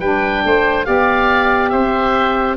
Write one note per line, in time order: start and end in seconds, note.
0.00 0.43 G3
0.00 0.85 D4
0.00 0.43 B4
0.00 0.85 G5
0.44 0.87 A3
0.44 0.87 C5
0.85 1.73 B3
0.85 2.56 G4
0.85 1.72 D5
0.85 1.70 F5
1.70 2.57 C4
1.70 2.57 C5
1.70 2.55 E5